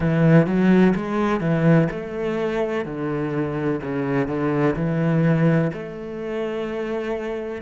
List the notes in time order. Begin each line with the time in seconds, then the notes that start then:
0.00 E3
0.46 F#3
0.95 G#3
1.40 E3
1.90 A3
2.85 D3
3.82 C#3
4.27 D3
4.76 E3
5.73 A3